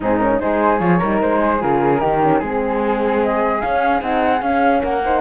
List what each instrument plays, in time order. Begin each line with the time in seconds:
0.00 cello G#2, horn C4, flute D#4 G#4
0.18 horn C#4, flute A#4
0.39 cello G#3, horn D#4, flute G#4 C5
0.79 cello F3, horn F4, flute C#5
0.98 cello G3, horn D#4, flute A#4
1.21 cello G#3, flute C5
1.40 flute G#4
1.59 cello C#3, horn F4, flute A#4
1.99 cello D#3, horn D#4, flute G4
2.22 horn C#4
2.39 cello G#3, horn C4, flute G#4
3.23 flute D#5
3.61 horn C#4, cello C#4, flute F5
4.00 cello C4, horn D#4, flute F#5
4.41 cello C#4, horn C#4, flute F5
4.81 cello A#3, flute A#4 F#5
5.04 horn D#4, flute C5